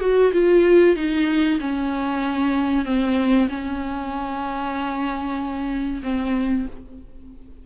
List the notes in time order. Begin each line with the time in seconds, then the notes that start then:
0.00 F#4
0.32 F4
0.96 D#4
1.60 C#4
2.85 C4
3.48 C#4
6.03 C4